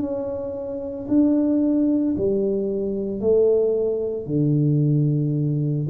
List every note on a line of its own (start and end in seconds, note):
0.00 1.07 C#4
1.08 2.15 D4
2.17 3.20 G3
3.20 4.27 A3
4.27 5.87 D3